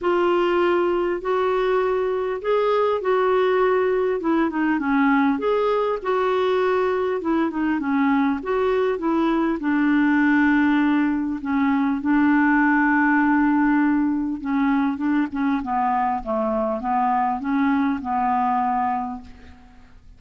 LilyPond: \new Staff \with { instrumentName = "clarinet" } { \time 4/4 \tempo 4 = 100 f'2 fis'2 | gis'4 fis'2 e'8 dis'8 | cis'4 gis'4 fis'2 | e'8 dis'8 cis'4 fis'4 e'4 |
d'2. cis'4 | d'1 | cis'4 d'8 cis'8 b4 a4 | b4 cis'4 b2 | }